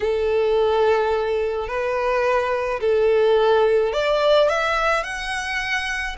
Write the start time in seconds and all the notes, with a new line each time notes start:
0.00 A4
1.67 B4
2.80 A4
3.92 D5
4.49 E5
5.03 F#5